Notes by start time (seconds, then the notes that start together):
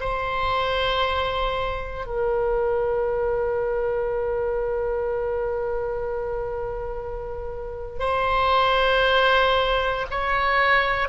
0.00 C5
2.06 A#4
7.99 C5
10.11 C#5